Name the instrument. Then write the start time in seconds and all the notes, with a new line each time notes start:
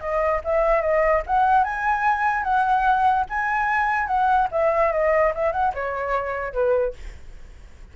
flute
0.00 D#5
0.44 E5
0.81 D#5
1.26 F#5
1.63 G#5
2.43 F#5
3.29 G#5
4.07 F#5
4.51 E5
4.92 D#5
5.34 E5
5.52 F#5
5.74 C#5
6.53 B4